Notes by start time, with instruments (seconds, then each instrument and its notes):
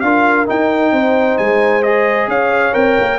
0.00 tuba D4, trombone F4, horn A#4, trumpet F5
0.46 trombone D#4, tuba D#4, trumpet G5
0.92 tuba C4, horn C5
1.37 tuba G#3, trumpet G#5
1.82 trombone G#4, trumpet D#5
2.28 tuba C#4, horn C#5, trumpet F5
2.73 tuba C4, trombone A#4, trumpet G5
3.00 tuba A#3